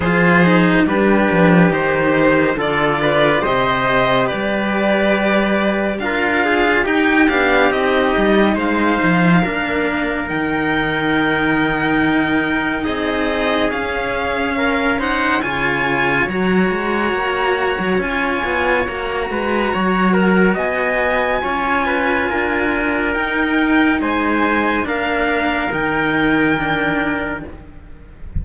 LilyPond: <<
  \new Staff \with { instrumentName = "violin" } { \time 4/4 \tempo 4 = 70 c''4 b'4 c''4 d''4 | dis''4 d''2 f''4 | g''8 f''8 dis''4 f''2 | g''2. dis''4 |
f''4. fis''8 gis''4 ais''4~ | ais''4 gis''4 ais''2 | gis''2. g''4 | gis''4 f''4 g''2 | }
  \new Staff \with { instrumentName = "trumpet" } { \time 4/4 gis'4 g'2 a'8 b'8 | c''4 b'2 ais'8 gis'8 | g'2 c''4 ais'4~ | ais'2. gis'4~ |
gis'4 ais'8 c''8 cis''2~ | cis''2~ cis''8 b'8 cis''8 ais'8 | dis''4 cis''8 b'8 ais'2 | c''4 ais'2. | }
  \new Staff \with { instrumentName = "cello" } { \time 4/4 f'8 dis'8 d'4 dis'4 f'4 | g'2. f'4 | dis'8 d'8 dis'2 d'4 | dis'1 |
cis'4. dis'8 f'4 fis'4~ | fis'4 f'4 fis'2~ | fis'4 f'2 dis'4~ | dis'4 d'4 dis'4 d'4 | }
  \new Staff \with { instrumentName = "cello" } { \time 4/4 f4 g8 f8 dis4 d4 | c4 g2 d'4 | dis'8 b8 c'8 g8 gis8 f8 ais4 | dis2. c'4 |
cis'2 cis4 fis8 gis8 | ais8. fis16 cis'8 b8 ais8 gis8 fis4 | b4 cis'4 d'4 dis'4 | gis4 ais4 dis2 | }
>>